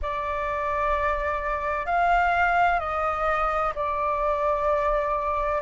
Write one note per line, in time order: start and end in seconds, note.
0.02 1.85 D5
1.85 2.79 F5
2.79 3.73 D#5
3.75 5.61 D5